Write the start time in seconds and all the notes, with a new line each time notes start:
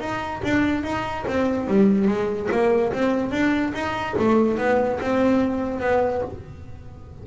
0.00 D#4
0.44 D4
0.83 D#4
1.28 C4
1.67 G3
2.08 G#3
2.51 A#3
2.93 C4
3.31 D4
3.74 D#4
4.18 A3
4.58 B3
5.01 C4
5.80 B3